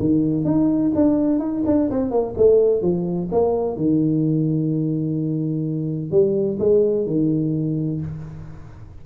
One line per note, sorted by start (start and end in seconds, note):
0.00 0.46 D#3
0.46 0.93 D#4
0.96 1.40 D4
1.40 1.63 D#4
1.67 1.90 D4
1.91 2.11 C4
2.11 2.35 A#3
2.38 2.82 A3
2.82 3.29 F3
3.32 3.77 A#3
3.77 6.12 D#3
6.12 6.59 G3
6.60 7.07 G#3
7.07 8.01 D#3